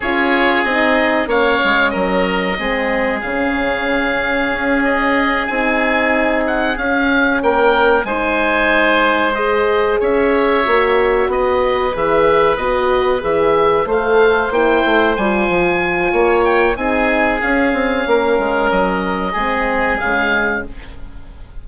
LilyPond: <<
  \new Staff \with { instrumentName = "oboe" } { \time 4/4 \tempo 4 = 93 cis''4 dis''4 f''4 dis''4~ | dis''4 f''2~ f''8 dis''8~ | dis''8 gis''4. fis''8 f''4 g''8~ | g''8 gis''2 dis''4 e''8~ |
e''4. dis''4 e''4 dis''8~ | dis''8 e''4 f''4 g''4 gis''8~ | gis''4. g''8 gis''4 f''4~ | f''4 dis''2 f''4 | }
  \new Staff \with { instrumentName = "oboe" } { \time 4/4 gis'2 cis''4 ais'4 | gis'1~ | gis'2.~ gis'8 ais'8~ | ais'8 c''2. cis''8~ |
cis''4. b'2~ b'8~ | b'4. c''2~ c''8~ | c''4 cis''4 gis'2 | ais'2 gis'2 | }
  \new Staff \with { instrumentName = "horn" } { \time 4/4 f'4 dis'4 cis'2 | c'4 cis'2.~ | cis'8 dis'2 cis'4.~ | cis'8 dis'2 gis'4.~ |
gis'8 fis'2 gis'4 fis'8~ | fis'8 gis'4 a'4 e'4 f'8~ | f'2 dis'4 cis'4~ | cis'2 c'4 gis4 | }
  \new Staff \with { instrumentName = "bassoon" } { \time 4/4 cis'4 c'4 ais8 gis8 fis4 | gis4 cis2 cis'4~ | cis'8 c'2 cis'4 ais8~ | ais8 gis2. cis'8~ |
cis'8 ais4 b4 e4 b8~ | b8 e4 a4 ais8 a8 g8 | f4 ais4 c'4 cis'8 c'8 | ais8 gis8 fis4 gis4 cis4 | }
>>